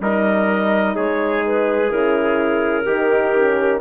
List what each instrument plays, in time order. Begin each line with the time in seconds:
0.00 bassoon G3, horn D#4, trumpet A#4, clarinet D#5
0.95 bassoon G#3, trumpet G#4, clarinet C#5
1.46 clarinet B4
1.89 bassoon C#3, horn E4, clarinet A#4
2.85 bassoon D#3, horn D#4, trumpet G4
3.35 horn C#4